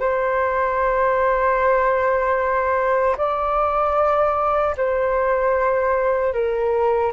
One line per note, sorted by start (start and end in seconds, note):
0.00 3.16 C5
3.18 4.75 D5
4.77 6.33 C5
6.33 7.12 A#4